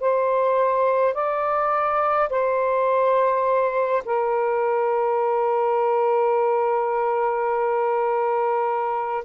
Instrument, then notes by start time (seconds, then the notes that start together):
saxophone
0.00 C5
1.14 D5
2.29 C5
4.05 A#4